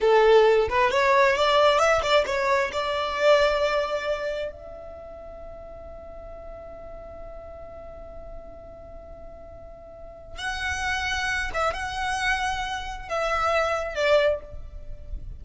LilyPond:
\new Staff \with { instrumentName = "violin" } { \time 4/4 \tempo 4 = 133 a'4. b'8 cis''4 d''4 | e''8 d''8 cis''4 d''2~ | d''2 e''2~ | e''1~ |
e''1~ | e''2. fis''4~ | fis''4. e''8 fis''2~ | fis''4 e''2 d''4 | }